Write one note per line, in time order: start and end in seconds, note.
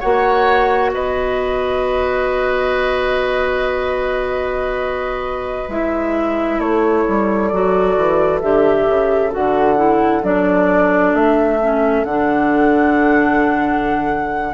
0.00 0.94 A#3
0.00 5.70 F#4
0.00 0.91 C#5
0.00 0.91 F#5
0.94 5.69 B3
0.94 6.60 B4
0.94 5.70 D#5
5.69 6.59 G#3
5.69 7.52 E4
5.69 6.60 E5
6.59 7.04 A3
6.59 14.54 A4
6.59 7.48 C#5
7.09 7.52 G3
7.48 7.97 F#3
7.48 8.42 F#4
7.48 8.39 D5
7.97 8.43 E3
8.41 8.87 D3
8.41 9.31 G4
8.41 9.32 E5
8.87 9.33 C#3
9.31 10.23 D3
9.31 9.76 F#4
9.31 10.24 F#5
9.76 10.22 E4
10.23 11.14 F#3
10.23 11.60 D4
10.23 11.15 D5
11.14 12.04 A3
11.14 12.05 E5
11.61 12.06 C#4
12.04 14.54 D3
12.04 14.54 D4
12.04 14.54 F#5